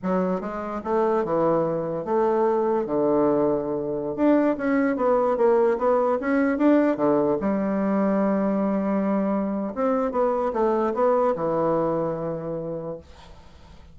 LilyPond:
\new Staff \with { instrumentName = "bassoon" } { \time 4/4 \tempo 4 = 148 fis4 gis4 a4 e4~ | e4 a2 d4~ | d2~ d16 d'4 cis'8.~ | cis'16 b4 ais4 b4 cis'8.~ |
cis'16 d'4 d4 g4.~ g16~ | g1 | c'4 b4 a4 b4 | e1 | }